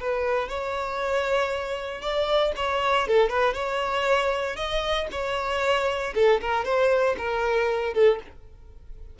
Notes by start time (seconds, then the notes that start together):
0.00 B4
0.49 C#5
2.01 D5
2.56 C#5
3.07 A4
3.30 B4
3.54 C#5
4.56 D#5
5.12 C#5
6.15 A4
6.41 A#4
6.65 C5
7.18 A#4
7.94 A4